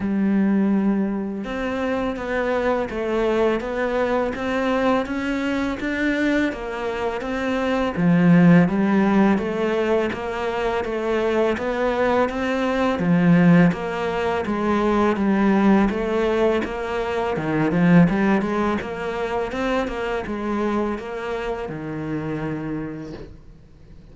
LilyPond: \new Staff \with { instrumentName = "cello" } { \time 4/4 \tempo 4 = 83 g2 c'4 b4 | a4 b4 c'4 cis'4 | d'4 ais4 c'4 f4 | g4 a4 ais4 a4 |
b4 c'4 f4 ais4 | gis4 g4 a4 ais4 | dis8 f8 g8 gis8 ais4 c'8 ais8 | gis4 ais4 dis2 | }